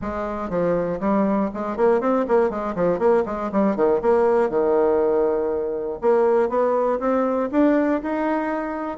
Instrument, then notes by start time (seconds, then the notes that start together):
bassoon
0.01 G#3
0.49 F3
1.00 G3
1.53 G#3
1.76 A#3
2.00 C4
2.27 A#3
2.50 G#3
2.75 F3
2.98 A#3
3.25 G#3
3.51 G3
3.75 D#3
4.01 A#3
4.49 D#3
6.01 A#3
6.49 B3
6.99 C4
7.51 D4
8.02 D#4